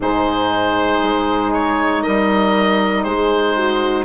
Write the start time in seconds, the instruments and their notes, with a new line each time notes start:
0.00 bassoon G#2, saxophone D#4, horn G#4, oboe C5
1.03 bassoon G#3
1.53 oboe C#5
2.03 bassoon G3, horn A#4, oboe D#5
3.03 bassoon G#3, horn G#4, oboe C5
3.56 horn F#4